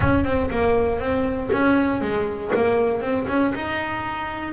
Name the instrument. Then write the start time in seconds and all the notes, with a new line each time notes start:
double bass
0.00 C#4
0.24 C4
0.50 A#3
0.99 C4
1.52 C#4
2.01 G#3
2.55 A#3
3.01 C4
3.28 C#4
3.55 D#4